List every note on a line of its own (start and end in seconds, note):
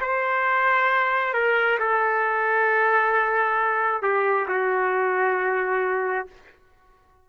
0.00 1.33 C5
1.33 1.78 A#4
1.79 4.02 A4
4.02 4.47 G4
4.48 6.27 F#4